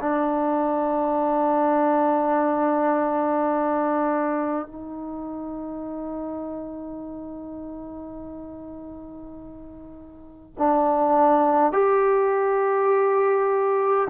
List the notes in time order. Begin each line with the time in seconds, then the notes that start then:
0.00 D4
4.66 D#4
10.58 D4
11.72 G4